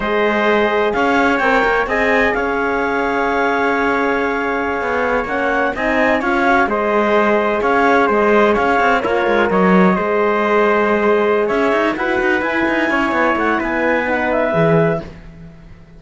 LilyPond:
<<
  \new Staff \with { instrumentName = "clarinet" } { \time 4/4 \tempo 4 = 128 dis''2 f''4 g''4 | gis''4 f''2.~ | f''2.~ f''16 fis''8.~ | fis''16 gis''4 f''4 dis''4.~ dis''16~ |
dis''16 f''4 dis''4 f''4 cis''8.~ | cis''16 dis''2.~ dis''8.~ | dis''8 e''4 fis''4 gis''4.~ | gis''8 fis''8 gis''4 fis''8 e''4. | }
  \new Staff \with { instrumentName = "trumpet" } { \time 4/4 c''2 cis''2 | dis''4 cis''2.~ | cis''1~ | cis''16 dis''4 cis''4 c''4.~ c''16~ |
c''16 cis''4 c''4 cis''4 f'8.~ | f'16 cis''4 c''2~ c''8.~ | c''8 cis''4 b'2 cis''8~ | cis''4 b'2. | }
  \new Staff \with { instrumentName = "horn" } { \time 4/4 gis'2. ais'4 | gis'1~ | gis'2.~ gis'16 cis'8.~ | cis'16 dis'4 f'8 fis'8 gis'4.~ gis'16~ |
gis'2.~ gis'16 ais'8.~ | ais'4~ ais'16 gis'2~ gis'8.~ | gis'4. fis'4 e'4.~ | e'2 dis'4 gis'4 | }
  \new Staff \with { instrumentName = "cello" } { \time 4/4 gis2 cis'4 c'8 ais8 | c'4 cis'2.~ | cis'2~ cis'16 b4 ais8.~ | ais16 c'4 cis'4 gis4.~ gis16~ |
gis16 cis'4 gis4 cis'8 c'8 ais8 gis16~ | gis16 fis4 gis2~ gis8.~ | gis8 cis'8 dis'8 e'8 dis'8 e'8 dis'8 cis'8 | b8 a8 b2 e4 | }
>>